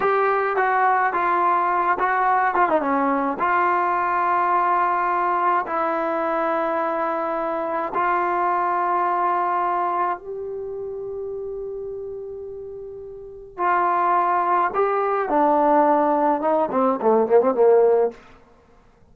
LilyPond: \new Staff \with { instrumentName = "trombone" } { \time 4/4 \tempo 4 = 106 g'4 fis'4 f'4. fis'8~ | fis'8 f'16 dis'16 cis'4 f'2~ | f'2 e'2~ | e'2 f'2~ |
f'2 g'2~ | g'1 | f'2 g'4 d'4~ | d'4 dis'8 c'8 a8 ais16 c'16 ais4 | }